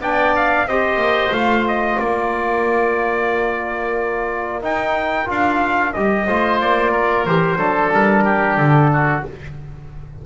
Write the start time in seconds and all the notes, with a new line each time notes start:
0.00 B3 D4 D5 G5
0.36 F5
0.65 C4 G4 C5 D#5
0.96 A#3
1.31 A3 F4 F5
1.68 D#5
1.99 A#3 A#4 D5
4.62 D#4 G5
5.26 D4 F4 F5
5.93 G3 G4 D#5
6.26 A3 F4 C5
6.61 A#3 D5
6.92 A#4
7.26 E3 G4 C5
7.56 F#3 D4 A4
7.92 G3 A#4
8.24 G4
8.57 D3 A4
8.93 F#4